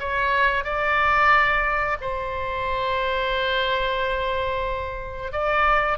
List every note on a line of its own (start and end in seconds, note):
0.00 0.65 C#5
0.65 1.98 D5
2.01 5.33 C5
5.33 5.98 D5